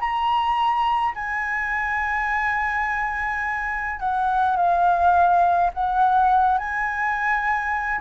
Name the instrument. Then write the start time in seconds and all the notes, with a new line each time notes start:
flute
0.00 A#5
1.15 G#5
3.99 F#5
4.56 F5
5.74 F#5
6.58 G#5